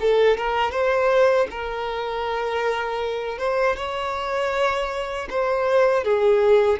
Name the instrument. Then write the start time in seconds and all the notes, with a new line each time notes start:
violin
0.00 A4
0.37 A#4
0.71 C5
1.50 A#4
3.38 C5
3.76 C#5
5.30 C5
6.04 G#4